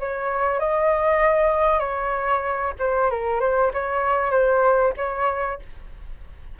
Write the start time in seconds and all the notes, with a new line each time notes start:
0.00 C#5
0.60 D#5
1.80 C#5
2.79 C5
3.11 A#4
3.41 C5
3.74 C#5
4.31 C5
4.97 C#5